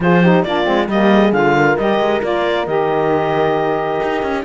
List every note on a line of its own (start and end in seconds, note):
0.00 0.44 F3
0.00 0.23 F4
0.00 0.22 G#4
0.00 0.43 C5
0.22 0.45 D#4
0.22 0.44 G4
0.43 0.66 A#3
0.43 0.63 D4
0.43 0.90 F4
0.43 0.87 D5
0.63 0.88 G#3
0.63 0.85 C4
0.88 1.32 G3
0.88 1.33 A#3
0.88 1.12 G4
0.88 1.33 D#5
1.12 1.56 G#4
1.32 1.76 D3
1.32 1.77 F4
1.32 1.77 F5
1.56 4.44 A#4
1.77 1.99 G3
1.77 2.21 G4
1.77 2.21 D#5
1.99 2.21 G#3
2.21 2.67 A#3
2.21 2.65 F4
2.21 2.66 D5
2.66 4.00 D#3
2.66 4.44 G4
2.66 4.44 D#5
4.02 4.22 D#4
4.22 4.44 C#4